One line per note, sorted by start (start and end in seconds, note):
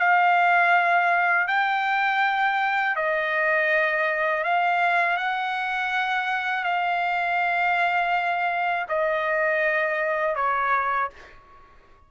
0.00 1.48 F5
1.48 2.96 G5
2.96 4.44 D#5
4.44 5.17 F5
5.17 6.64 F#5
6.64 8.86 F5
8.89 10.36 D#5
10.36 11.10 C#5